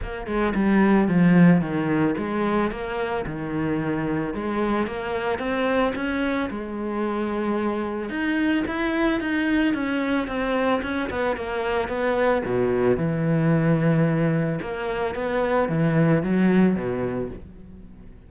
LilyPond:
\new Staff \with { instrumentName = "cello" } { \time 4/4 \tempo 4 = 111 ais8 gis8 g4 f4 dis4 | gis4 ais4 dis2 | gis4 ais4 c'4 cis'4 | gis2. dis'4 |
e'4 dis'4 cis'4 c'4 | cis'8 b8 ais4 b4 b,4 | e2. ais4 | b4 e4 fis4 b,4 | }